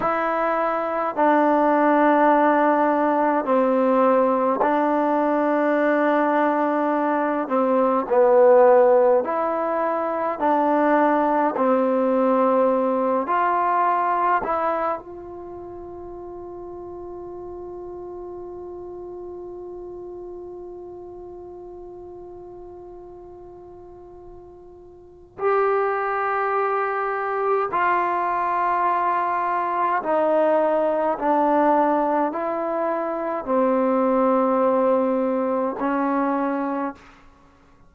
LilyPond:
\new Staff \with { instrumentName = "trombone" } { \time 4/4 \tempo 4 = 52 e'4 d'2 c'4 | d'2~ d'8 c'8 b4 | e'4 d'4 c'4. f'8~ | f'8 e'8 f'2.~ |
f'1~ | f'2 g'2 | f'2 dis'4 d'4 | e'4 c'2 cis'4 | }